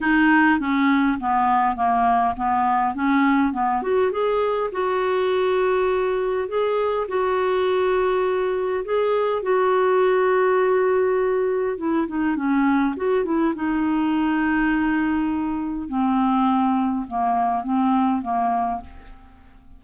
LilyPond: \new Staff \with { instrumentName = "clarinet" } { \time 4/4 \tempo 4 = 102 dis'4 cis'4 b4 ais4 | b4 cis'4 b8 fis'8 gis'4 | fis'2. gis'4 | fis'2. gis'4 |
fis'1 | e'8 dis'8 cis'4 fis'8 e'8 dis'4~ | dis'2. c'4~ | c'4 ais4 c'4 ais4 | }